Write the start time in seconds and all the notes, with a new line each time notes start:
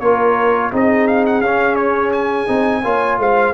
0.00 A#3 F4 A#4 C#5
0.71 C4 D#4 G#4 D#5
1.07 F5
1.26 F#5
1.41 C#4 F5
1.76 C#5
2.13 G#5
2.47 C4 D#4
2.84 A#3 F4 C#5
3.18 G#3 C5 F5